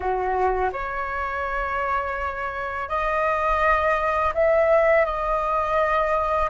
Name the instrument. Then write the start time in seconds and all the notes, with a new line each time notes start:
flute
0.00 F#4
0.72 C#5
2.88 D#5
4.34 E5
5.05 D#5